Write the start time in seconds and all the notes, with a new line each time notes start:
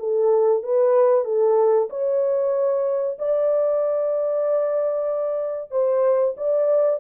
0.00 A4
0.64 B4
1.25 A4
1.90 C#5
3.19 D5
5.72 C5
6.37 D5